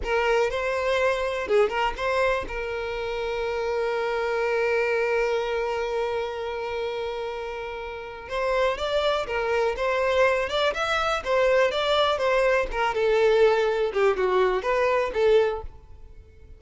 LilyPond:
\new Staff \with { instrumentName = "violin" } { \time 4/4 \tempo 4 = 123 ais'4 c''2 gis'8 ais'8 | c''4 ais'2.~ | ais'1~ | ais'1~ |
ais'4 c''4 d''4 ais'4 | c''4. d''8 e''4 c''4 | d''4 c''4 ais'8 a'4.~ | a'8 g'8 fis'4 b'4 a'4 | }